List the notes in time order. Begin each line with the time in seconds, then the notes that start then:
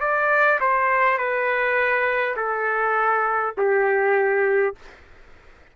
0.00 D5
0.60 C5
1.18 B4
2.36 A4
3.57 G4